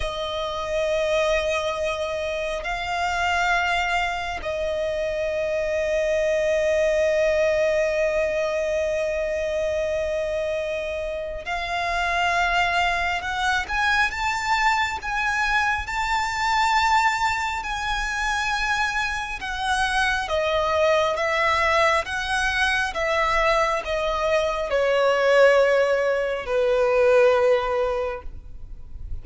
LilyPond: \new Staff \with { instrumentName = "violin" } { \time 4/4 \tempo 4 = 68 dis''2. f''4~ | f''4 dis''2.~ | dis''1~ | dis''4 f''2 fis''8 gis''8 |
a''4 gis''4 a''2 | gis''2 fis''4 dis''4 | e''4 fis''4 e''4 dis''4 | cis''2 b'2 | }